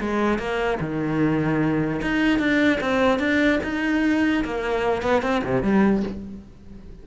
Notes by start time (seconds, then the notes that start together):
0.00 G#3
0.38 A#3
0.80 D#3
2.01 D#4
2.39 D4
2.80 C4
3.19 D4
3.63 D#4
4.44 A#3
5.02 B3
5.22 C4
5.44 C3
5.62 G3